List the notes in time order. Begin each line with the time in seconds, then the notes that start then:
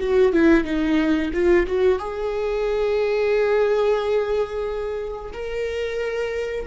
0.00 F#4
0.33 E4
0.65 D#4
1.34 F4
1.67 F#4
1.99 G#4
5.33 A#4